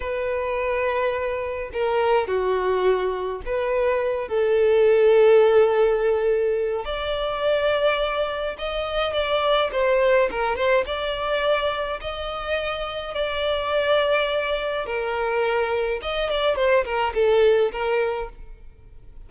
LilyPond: \new Staff \with { instrumentName = "violin" } { \time 4/4 \tempo 4 = 105 b'2. ais'4 | fis'2 b'4. a'8~ | a'1 | d''2. dis''4 |
d''4 c''4 ais'8 c''8 d''4~ | d''4 dis''2 d''4~ | d''2 ais'2 | dis''8 d''8 c''8 ais'8 a'4 ais'4 | }